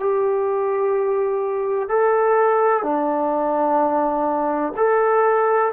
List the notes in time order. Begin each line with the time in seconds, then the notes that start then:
0.00 G4
1.89 A4
2.83 D4
4.77 A4